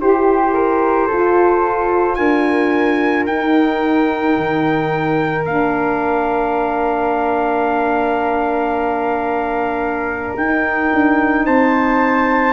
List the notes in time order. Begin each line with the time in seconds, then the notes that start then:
0.00 E4 G4 C5
0.53 A#4
1.07 F4 A4
2.15 D4 A#4 G#5
3.26 D#4 G5
4.37 D#3
5.45 A#3 D4 F5
10.36 D#4 G5
10.93 D4
11.45 C4 C5 A5